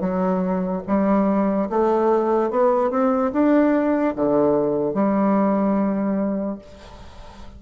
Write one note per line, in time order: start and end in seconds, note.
0.00 0.82 F#3
0.87 1.69 G3
1.69 2.50 A3
2.50 2.90 B3
2.90 3.31 C4
3.32 4.14 D4
4.15 4.94 D3
4.94 6.58 G3